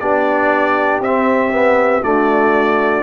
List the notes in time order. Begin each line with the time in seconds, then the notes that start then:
0.00 B3 D4 G4 D5
1.00 C4 E5
1.52 B3
2.02 A3 D4 F#4 D5